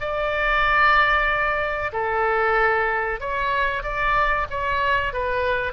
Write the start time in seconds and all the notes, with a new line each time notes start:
0.00 D5
1.92 A4
3.20 C#5
3.82 D5
4.50 C#5
5.13 B4